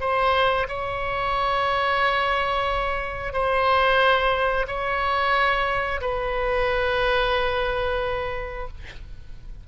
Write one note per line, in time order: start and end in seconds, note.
0.00 0.67 C5
0.68 3.32 C#5
3.32 4.66 C5
4.67 6.00 C#5
6.01 8.67 B4